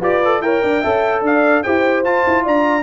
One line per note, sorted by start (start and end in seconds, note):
0.00 0.41 F4
0.00 0.23 G4
0.00 0.41 B4
0.00 0.42 D5
0.25 0.44 A4
0.41 0.61 E4
0.41 0.84 A#4
0.41 0.63 C#5
0.41 1.23 G5
0.63 0.84 D4
0.63 0.81 D5
0.81 1.22 C#4
0.81 1.65 A4
0.81 1.21 E5
1.22 1.62 D4
1.22 1.65 D5
1.22 1.63 F5
1.63 2.04 E4
1.63 2.05 G4
1.63 2.44 C5
1.63 2.04 G5
2.04 2.24 F4
2.04 2.83 F4
2.04 2.45 A5
2.27 2.47 E4
2.44 2.83 D4
2.44 2.83 D5
2.44 2.83 A#5